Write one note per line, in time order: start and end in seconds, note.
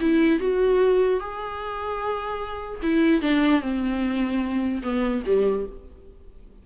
0.00 0.39 E4
0.39 1.20 F#4
1.20 2.81 G#4
2.82 3.21 E4
3.21 3.61 D4
3.61 4.82 C4
4.82 5.23 B3
5.26 5.66 G3